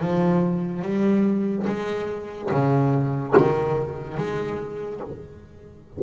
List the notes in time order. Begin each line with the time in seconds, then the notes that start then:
0.00 F3
0.82 G3
1.67 G#3
2.51 C#3
3.37 D#3
4.17 G#3